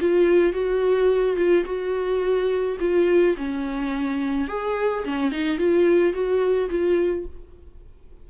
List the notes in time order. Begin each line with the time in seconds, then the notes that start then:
0.00 F4
0.53 F#4
1.36 F4
1.65 F#4
2.80 F4
3.37 C#4
4.48 G#4
5.04 C#4
5.31 D#4
5.58 F4
6.13 F#4
6.70 F4